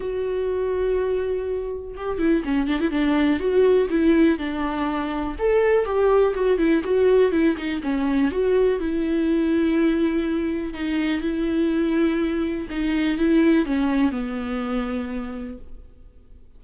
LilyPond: \new Staff \with { instrumentName = "viola" } { \time 4/4 \tempo 4 = 123 fis'1 | g'8 e'8 cis'8 d'16 e'16 d'4 fis'4 | e'4 d'2 a'4 | g'4 fis'8 e'8 fis'4 e'8 dis'8 |
cis'4 fis'4 e'2~ | e'2 dis'4 e'4~ | e'2 dis'4 e'4 | cis'4 b2. | }